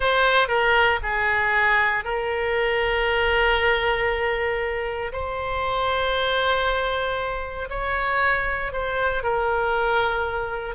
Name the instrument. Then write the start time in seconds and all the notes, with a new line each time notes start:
oboe
0.00 C5
0.48 A#4
1.02 G#4
2.04 A#4
5.12 C5
7.69 C#5
8.72 C5
9.23 A#4